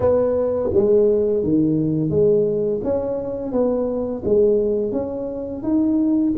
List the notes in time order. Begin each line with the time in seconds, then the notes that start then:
0.00 B3
0.73 G#3
1.43 D#3
2.10 G#3
2.83 C#4
3.52 B3
4.24 G#3
4.92 C#4
5.62 D#4